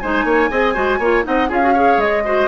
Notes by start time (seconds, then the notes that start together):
0.00 G#3 D#4 C5 G#5
0.25 A#3 C#5
0.51 C4 G#4 D#5
0.74 G#3 F#4 C5
0.99 A#3 F4 C#5
1.24 C4 D#4 D#5 F#5
1.49 C#4 F4 G#4 F5
1.62 F#4
1.74 G#4 C#5
1.98 G#3 D#5
2.25 F#4 C5